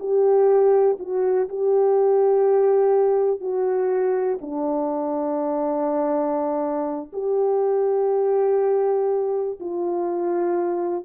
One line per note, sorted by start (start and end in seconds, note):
0.00 0.98 G4
1.00 1.49 F#4
1.49 3.41 G4
3.41 4.39 F#4
4.42 7.12 D4
7.13 9.59 G4
9.61 11.06 F4